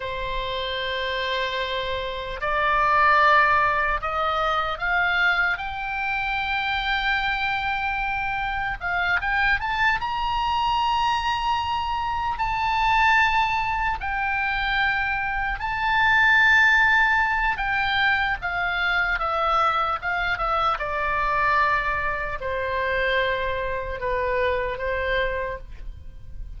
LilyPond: \new Staff \with { instrumentName = "oboe" } { \time 4/4 \tempo 4 = 75 c''2. d''4~ | d''4 dis''4 f''4 g''4~ | g''2. f''8 g''8 | a''8 ais''2. a''8~ |
a''4. g''2 a''8~ | a''2 g''4 f''4 | e''4 f''8 e''8 d''2 | c''2 b'4 c''4 | }